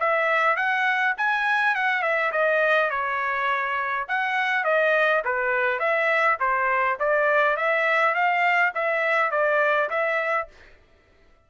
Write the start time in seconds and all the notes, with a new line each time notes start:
0.00 E5
0.56 F#5
1.17 G#5
1.75 F#5
2.02 E5
2.32 D#5
2.90 C#5
4.08 F#5
4.64 D#5
5.25 B4
5.79 E5
6.40 C5
7.00 D5
7.57 E5
8.14 F5
8.75 E5
9.31 D5
9.90 E5